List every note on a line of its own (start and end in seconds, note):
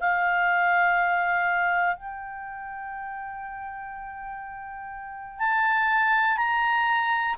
0.00 1.96 F5
1.96 5.39 G5
5.39 6.37 A5
6.37 7.35 A#5